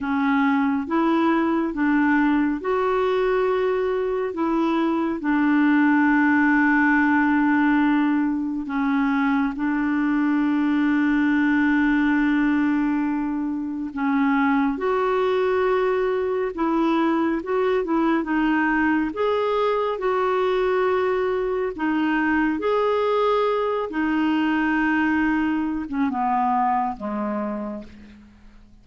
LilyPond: \new Staff \with { instrumentName = "clarinet" } { \time 4/4 \tempo 4 = 69 cis'4 e'4 d'4 fis'4~ | fis'4 e'4 d'2~ | d'2 cis'4 d'4~ | d'1 |
cis'4 fis'2 e'4 | fis'8 e'8 dis'4 gis'4 fis'4~ | fis'4 dis'4 gis'4. dis'8~ | dis'4.~ dis'16 cis'16 b4 gis4 | }